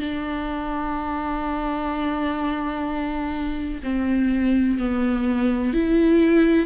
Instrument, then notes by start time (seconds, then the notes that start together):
viola
0.00 D4
3.83 C4
4.78 B3
5.74 E4